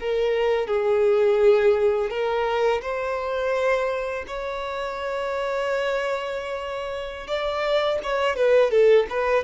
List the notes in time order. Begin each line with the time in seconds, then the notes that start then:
0.00 A#4
0.68 G#4
2.10 A#4
2.82 C5
4.27 C#5
7.27 D5
8.03 C#5
8.36 B4
8.71 A4
9.10 B4